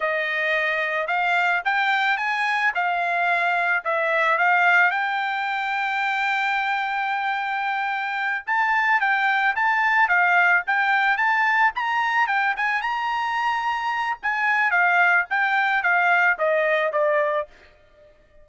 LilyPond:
\new Staff \with { instrumentName = "trumpet" } { \time 4/4 \tempo 4 = 110 dis''2 f''4 g''4 | gis''4 f''2 e''4 | f''4 g''2.~ | g''2.~ g''8 a''8~ |
a''8 g''4 a''4 f''4 g''8~ | g''8 a''4 ais''4 g''8 gis''8 ais''8~ | ais''2 gis''4 f''4 | g''4 f''4 dis''4 d''4 | }